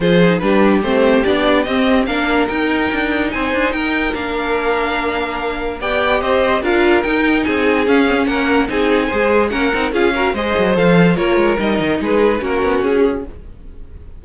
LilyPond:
<<
  \new Staff \with { instrumentName = "violin" } { \time 4/4 \tempo 4 = 145 c''4 b'4 c''4 d''4 | dis''4 f''4 g''2 | gis''4 g''4 f''2~ | f''2 g''4 dis''4 |
f''4 g''4 gis''4 f''4 | fis''4 gis''2 fis''4 | f''4 dis''4 f''4 cis''4 | dis''4 b'4 ais'4 gis'4 | }
  \new Staff \with { instrumentName = "violin" } { \time 4/4 gis'4 g'2.~ | g'4 ais'2. | c''4 ais'2.~ | ais'2 d''4 c''4 |
ais'2 gis'2 | ais'4 gis'4 c''4 ais'4 | gis'8 ais'8 c''2 ais'4~ | ais'4 gis'4 fis'2 | }
  \new Staff \with { instrumentName = "viola" } { \time 4/4 f'8 dis'8 d'4 c'4 d'4 | c'4 d'4 dis'2~ | dis'2 d'2~ | d'2 g'2 |
f'4 dis'2 cis'8 c'16 cis'16~ | cis'4 dis'4 gis'4 cis'8 dis'8 | f'8 fis'8 gis'4 a'4 f'4 | dis'2 cis'2 | }
  \new Staff \with { instrumentName = "cello" } { \time 4/4 f4 g4 a4 b4 | c'4 ais4 dis'4 d'4 | c'8 d'8 dis'4 ais2~ | ais2 b4 c'4 |
d'4 dis'4 c'4 cis'4 | ais4 c'4 gis4 ais8 c'8 | cis'4 gis8 fis8 f4 ais8 gis8 | g8 dis8 gis4 ais8 b8 cis'4 | }
>>